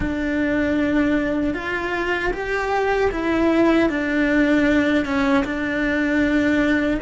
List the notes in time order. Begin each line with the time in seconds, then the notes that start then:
0.00 D4
1.54 F4
2.33 G4
3.11 E4
3.89 D4
5.05 C#4
5.44 D4